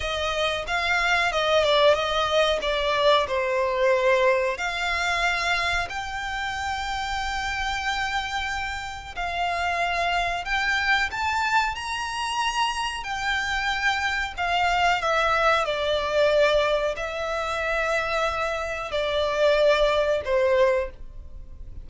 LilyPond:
\new Staff \with { instrumentName = "violin" } { \time 4/4 \tempo 4 = 92 dis''4 f''4 dis''8 d''8 dis''4 | d''4 c''2 f''4~ | f''4 g''2.~ | g''2 f''2 |
g''4 a''4 ais''2 | g''2 f''4 e''4 | d''2 e''2~ | e''4 d''2 c''4 | }